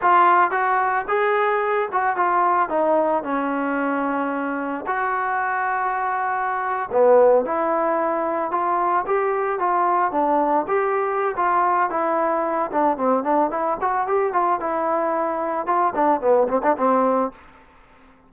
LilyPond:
\new Staff \with { instrumentName = "trombone" } { \time 4/4 \tempo 4 = 111 f'4 fis'4 gis'4. fis'8 | f'4 dis'4 cis'2~ | cis'4 fis'2.~ | fis'8. b4 e'2 f'16~ |
f'8. g'4 f'4 d'4 g'16~ | g'4 f'4 e'4. d'8 | c'8 d'8 e'8 fis'8 g'8 f'8 e'4~ | e'4 f'8 d'8 b8 c'16 d'16 c'4 | }